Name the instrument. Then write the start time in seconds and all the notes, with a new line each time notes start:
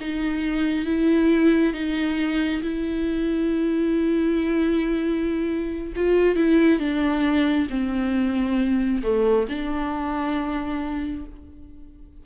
viola
0.00 D#4
0.86 E4
1.73 D#4
2.62 E4
5.96 F4
6.36 E4
6.79 D4
7.70 C4
9.03 A3
9.49 D4